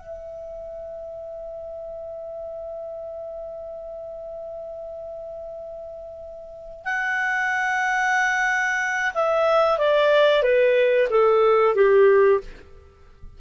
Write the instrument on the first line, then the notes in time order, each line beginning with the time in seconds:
clarinet
0.00 E5
6.85 F#5
9.14 E5
9.79 D5
10.43 B4
11.10 A4
11.75 G4